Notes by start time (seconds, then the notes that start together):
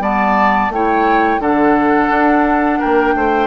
0.00 G3 B3 D5 A5
0.70 A3 E4 C#5 G5
1.40 D3 D4 A4 F#5
2.10 D4
2.80 A#3 A#4 G5
3.15 A3 C5